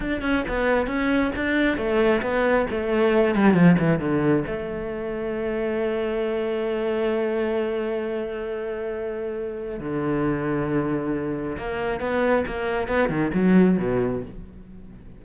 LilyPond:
\new Staff \with { instrumentName = "cello" } { \time 4/4 \tempo 4 = 135 d'8 cis'8 b4 cis'4 d'4 | a4 b4 a4. g8 | f8 e8 d4 a2~ | a1~ |
a1~ | a2 d2~ | d2 ais4 b4 | ais4 b8 dis8 fis4 b,4 | }